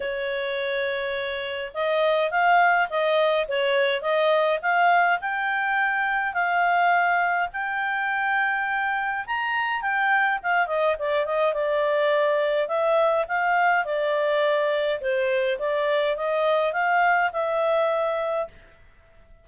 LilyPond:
\new Staff \with { instrumentName = "clarinet" } { \time 4/4 \tempo 4 = 104 cis''2. dis''4 | f''4 dis''4 cis''4 dis''4 | f''4 g''2 f''4~ | f''4 g''2. |
ais''4 g''4 f''8 dis''8 d''8 dis''8 | d''2 e''4 f''4 | d''2 c''4 d''4 | dis''4 f''4 e''2 | }